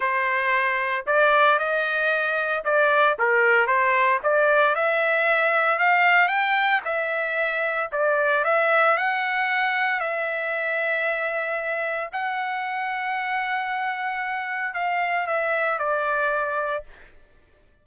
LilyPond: \new Staff \with { instrumentName = "trumpet" } { \time 4/4 \tempo 4 = 114 c''2 d''4 dis''4~ | dis''4 d''4 ais'4 c''4 | d''4 e''2 f''4 | g''4 e''2 d''4 |
e''4 fis''2 e''4~ | e''2. fis''4~ | fis''1 | f''4 e''4 d''2 | }